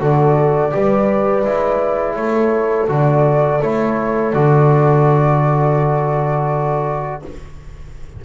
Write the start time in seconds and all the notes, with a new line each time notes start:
0.00 D3 F#4 A4 D5
0.72 G3 G4 B4
1.45 G#3 E4
2.15 A3 A4 C#5
2.89 D3 F#4 D5
3.62 A3 E4 C#5
4.34 D3 F#4 D5